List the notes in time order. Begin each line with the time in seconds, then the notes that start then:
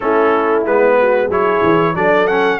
0.00 A3 C#4 E4 A4
0.65 G#3 B3 B4
1.01 F#4
1.28 F#3 E4 G#4 C#5
1.63 E3
1.95 F#3 D4 A4 D5
2.27 C#4 F#5